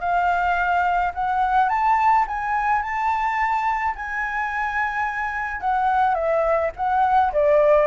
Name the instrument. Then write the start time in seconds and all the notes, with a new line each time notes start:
flute
0.00 F5
1.14 F#5
1.69 A5
2.28 G#5
2.82 A5
3.95 G#5
5.60 F#5
6.15 E5
6.76 F#5
7.33 D5